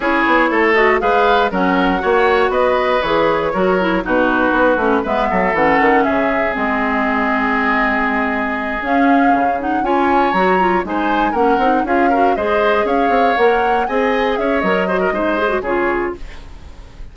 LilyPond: <<
  \new Staff \with { instrumentName = "flute" } { \time 4/4 \tempo 4 = 119 cis''4. dis''8 f''4 fis''4~ | fis''4 dis''4 cis''2 | b'2 e''4 fis''4 | e''4 dis''2.~ |
dis''4. f''4. fis''8 gis''8~ | gis''8 ais''4 gis''4 fis''4 f''8~ | f''8 dis''4 f''4 fis''4 gis''8~ | gis''8 e''8 dis''2 cis''4 | }
  \new Staff \with { instrumentName = "oboe" } { \time 4/4 gis'4 a'4 b'4 ais'4 | cis''4 b'2 ais'4 | fis'2 b'8 a'4. | gis'1~ |
gis'2.~ gis'8 cis''8~ | cis''4. c''4 ais'4 gis'8 | ais'8 c''4 cis''2 dis''8~ | dis''8 cis''4 c''16 ais'16 c''4 gis'4 | }
  \new Staff \with { instrumentName = "clarinet" } { \time 4/4 e'4. fis'8 gis'4 cis'4 | fis'2 gis'4 fis'8 e'8 | dis'4. cis'8 b4 cis'4~ | cis'4 c'2.~ |
c'4. cis'4. dis'8 f'8~ | f'8 fis'8 f'8 dis'4 cis'8 dis'8 f'8 | fis'8 gis'2 ais'4 gis'8~ | gis'4 ais'8 fis'8 dis'8 gis'16 fis'16 f'4 | }
  \new Staff \with { instrumentName = "bassoon" } { \time 4/4 cis'8 b8 a4 gis4 fis4 | ais4 b4 e4 fis4 | b,4 b8 a8 gis8 fis8 e8 dis8 | cis4 gis2.~ |
gis4. cis'4 cis4 cis'8~ | cis'8 fis4 gis4 ais8 c'8 cis'8~ | cis'8 gis4 cis'8 c'8 ais4 c'8~ | c'8 cis'8 fis4 gis4 cis4 | }
>>